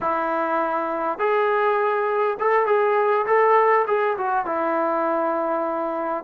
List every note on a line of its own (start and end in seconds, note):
0.00 1.19 E4
1.19 2.37 G#4
2.39 2.66 A4
2.66 3.25 G#4
3.26 3.85 A4
3.87 4.17 G#4
4.17 4.45 F#4
4.45 6.23 E4